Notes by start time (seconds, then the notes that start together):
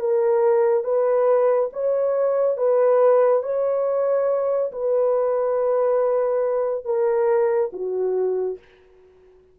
0.00 A#4
0.84 B4
1.73 C#5
2.57 B4
3.43 C#5
4.72 B4
6.85 A#4
7.73 F#4